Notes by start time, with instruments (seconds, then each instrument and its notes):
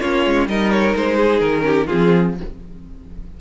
0.00 cello A#3, viola C#4, violin F4 C#5
0.26 cello G#3
0.47 cello G3, viola D#4, violin A#4 D#5
0.71 violin C#5
0.95 cello G#3, violin C5
1.16 violin G#4
1.40 cello D#3, violin A#4
1.60 viola C#4, violin G4
1.87 viola C4, violin F4 G#4
1.93 cello F3